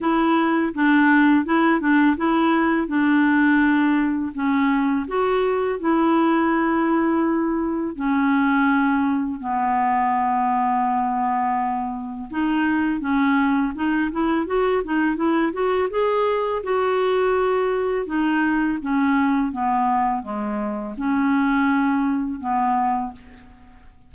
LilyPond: \new Staff \with { instrumentName = "clarinet" } { \time 4/4 \tempo 4 = 83 e'4 d'4 e'8 d'8 e'4 | d'2 cis'4 fis'4 | e'2. cis'4~ | cis'4 b2.~ |
b4 dis'4 cis'4 dis'8 e'8 | fis'8 dis'8 e'8 fis'8 gis'4 fis'4~ | fis'4 dis'4 cis'4 b4 | gis4 cis'2 b4 | }